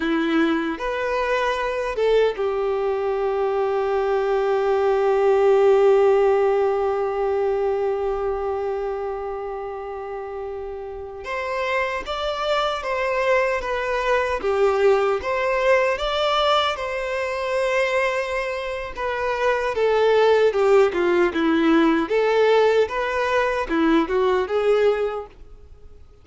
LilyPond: \new Staff \with { instrumentName = "violin" } { \time 4/4 \tempo 4 = 76 e'4 b'4. a'8 g'4~ | g'1~ | g'1~ | g'2~ g'16 c''4 d''8.~ |
d''16 c''4 b'4 g'4 c''8.~ | c''16 d''4 c''2~ c''8. | b'4 a'4 g'8 f'8 e'4 | a'4 b'4 e'8 fis'8 gis'4 | }